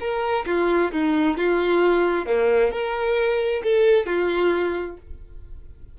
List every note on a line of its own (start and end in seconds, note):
0.00 0.45 A#4
0.46 0.91 F4
0.92 1.37 D#4
1.37 2.26 F4
2.26 2.71 A#3
2.71 3.62 A#4
3.63 4.06 A4
4.06 4.97 F4